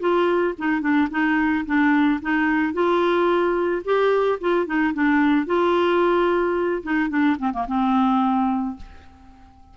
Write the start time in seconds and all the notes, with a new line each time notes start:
0.00 F4
0.59 D#4
0.82 D4
1.11 D#4
1.66 D4
2.22 D#4
2.74 F4
3.85 G4
4.41 F4
4.66 D#4
4.94 D4
5.46 F4
6.83 D#4
7.10 D4
7.39 C4
7.53 A#3
7.68 C4